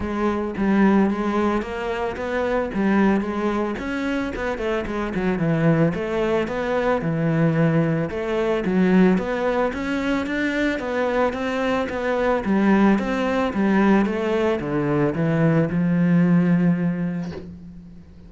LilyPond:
\new Staff \with { instrumentName = "cello" } { \time 4/4 \tempo 4 = 111 gis4 g4 gis4 ais4 | b4 g4 gis4 cis'4 | b8 a8 gis8 fis8 e4 a4 | b4 e2 a4 |
fis4 b4 cis'4 d'4 | b4 c'4 b4 g4 | c'4 g4 a4 d4 | e4 f2. | }